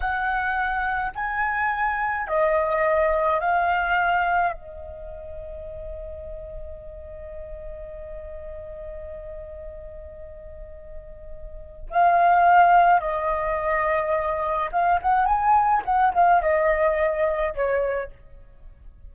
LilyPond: \new Staff \with { instrumentName = "flute" } { \time 4/4 \tempo 4 = 106 fis''2 gis''2 | dis''2 f''2 | dis''1~ | dis''1~ |
dis''1~ | dis''4 f''2 dis''4~ | dis''2 f''8 fis''8 gis''4 | fis''8 f''8 dis''2 cis''4 | }